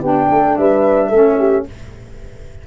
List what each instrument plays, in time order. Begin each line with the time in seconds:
0.00 tuba B3, saxophone D4, horn G4, flute G5
0.30 tuba A3, horn A4
0.57 tuba G3, horn B4, flute E5
1.09 tuba A3, saxophone C#4, horn A4
1.38 horn G4